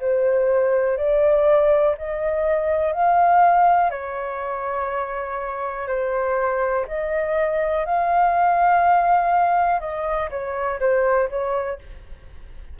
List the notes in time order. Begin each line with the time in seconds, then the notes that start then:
0.00 C5
0.97 D5
1.98 D#5
2.92 F5
3.91 C#5
5.87 C5
6.88 D#5
7.86 F5
9.80 D#5
10.30 C#5
10.80 C5
11.29 C#5